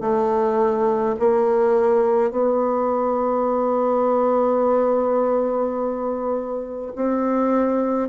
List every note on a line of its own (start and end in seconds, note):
0.00 1.15 A3
1.19 2.30 A#3
2.30 6.92 B3
6.95 8.09 C4